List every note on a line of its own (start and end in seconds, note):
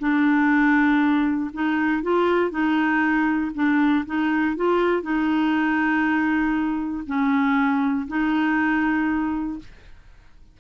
0.00 1.51 D4
1.54 2.03 D#4
2.03 2.51 F4
2.51 3.52 D#4
3.55 4.06 D4
4.06 4.57 D#4
4.57 5.03 F4
5.03 7.04 D#4
7.07 8.08 C#4
8.08 9.60 D#4